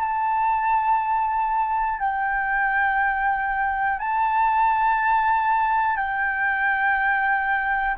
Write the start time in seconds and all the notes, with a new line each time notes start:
0.00 A5
2.00 G5
3.99 A5
5.97 G5